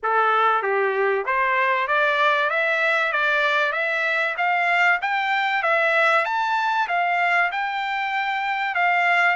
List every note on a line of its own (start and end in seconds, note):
0.02 0.62 A4
0.62 1.25 G4
1.25 1.87 C5
1.87 2.50 D5
2.50 3.12 E5
3.12 3.72 D5
3.72 4.35 E5
4.37 4.99 F5
5.01 5.62 G5
5.62 6.25 E5
6.25 6.87 A5
6.88 7.50 F5
7.51 8.74 G5
8.74 9.36 F5